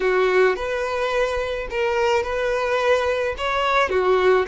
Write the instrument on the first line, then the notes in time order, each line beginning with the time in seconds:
violin
0.00 F#4
0.56 B4
1.70 A#4
2.23 B4
3.37 C#5
3.89 F#4